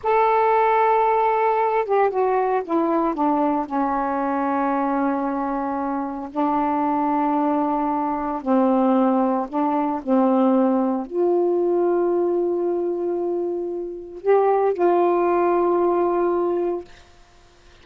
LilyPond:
\new Staff \with { instrumentName = "saxophone" } { \time 4/4 \tempo 4 = 114 a'2.~ a'8 g'8 | fis'4 e'4 d'4 cis'4~ | cis'1 | d'1 |
c'2 d'4 c'4~ | c'4 f'2.~ | f'2. g'4 | f'1 | }